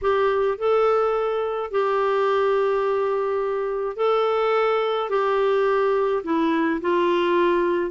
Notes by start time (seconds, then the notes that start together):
0.01 G4
0.57 A4
1.71 G4
3.96 A4
5.09 G4
6.23 E4
6.81 F4